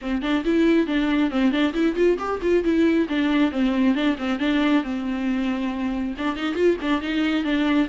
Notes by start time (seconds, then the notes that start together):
0.01 C4
0.21 D4
0.44 E4
0.87 D4
1.30 C4
1.51 D4
1.73 E4
1.95 F4
2.18 G4
2.41 F4
2.64 E4
3.08 D4
3.51 C4
3.94 D4
4.17 C4
4.39 D4
4.83 C4
6.18 D4
6.36 D#4
6.55 F4
6.81 D4
7.01 D#4
7.44 D4